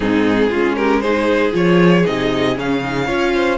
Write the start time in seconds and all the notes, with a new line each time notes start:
0.00 G#2 C4 D#4 G#4
0.49 G#3 C#4 F4
0.75 G4 A#4
1.00 D#4 G#4 C5
1.51 F3 F4 C#5
2.05 C3 D#4 D#5
2.56 C#3 C#4 F5
2.83 D#4
3.06 C#4 F4 C#5
3.34 C5